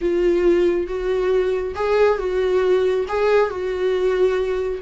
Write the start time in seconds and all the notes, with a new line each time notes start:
0.01 F4
0.87 F#4
1.75 G#4
2.18 F#4
3.08 G#4
3.49 F#4